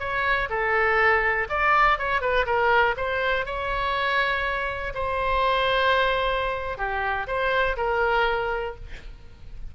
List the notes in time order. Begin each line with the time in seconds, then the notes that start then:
0.00 C#5
0.50 A4
1.49 D5
1.99 C#5
2.22 B4
2.46 A#4
2.97 C5
3.46 C#5
4.95 C5
6.78 G4
7.28 C5
7.77 A#4